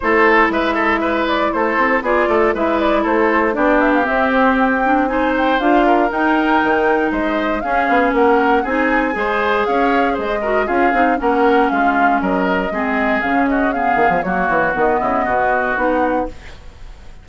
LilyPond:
<<
  \new Staff \with { instrumentName = "flute" } { \time 4/4 \tempo 4 = 118 c''4 e''4. d''8 c''4 | d''4 e''8 d''8 c''4 d''8 e''16 f''16 | e''8 c''8 g''4 gis''8 g''8 f''4 | g''2 dis''4 f''4 |
fis''4 gis''2 f''4 | dis''4 f''4 fis''4 f''4 | dis''2 f''8 dis''8 f''4 | cis''4 dis''2 fis''4 | }
  \new Staff \with { instrumentName = "oboe" } { \time 4/4 a'4 b'8 a'8 b'4 a'4 | gis'8 a'8 b'4 a'4 g'4~ | g'2 c''4. ais'8~ | ais'2 c''4 gis'4 |
ais'4 gis'4 c''4 cis''4 | c''8 ais'8 gis'4 ais'4 f'4 | ais'4 gis'4. fis'8 gis'4 | fis'4. e'8 fis'2 | }
  \new Staff \with { instrumentName = "clarinet" } { \time 4/4 e'1 | f'4 e'2 d'4 | c'4. d'8 dis'4 f'4 | dis'2. cis'4~ |
cis'4 dis'4 gis'2~ | gis'8 fis'8 f'8 dis'8 cis'2~ | cis'4 c'4 cis'4 b4 | ais4 b2 dis'4 | }
  \new Staff \with { instrumentName = "bassoon" } { \time 4/4 a4 gis2 a8 c'8 | b8 a8 gis4 a4 b4 | c'2. d'4 | dis'4 dis4 gis4 cis'8 b8 |
ais4 c'4 gis4 cis'4 | gis4 cis'8 c'8 ais4 gis4 | fis4 gis4 cis4. dis16 f16 | fis8 e8 dis8 cis8 b,4 b4 | }
>>